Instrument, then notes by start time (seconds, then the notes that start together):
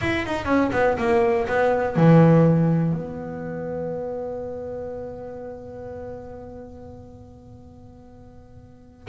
double bass
0.01 E4
0.26 D#4
0.45 C#4
0.72 B3
0.97 A#3
1.47 B3
1.96 E3
2.92 B3